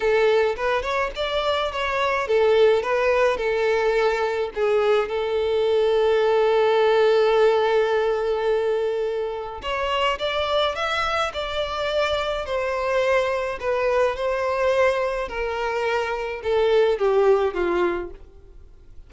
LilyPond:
\new Staff \with { instrumentName = "violin" } { \time 4/4 \tempo 4 = 106 a'4 b'8 cis''8 d''4 cis''4 | a'4 b'4 a'2 | gis'4 a'2.~ | a'1~ |
a'4 cis''4 d''4 e''4 | d''2 c''2 | b'4 c''2 ais'4~ | ais'4 a'4 g'4 f'4 | }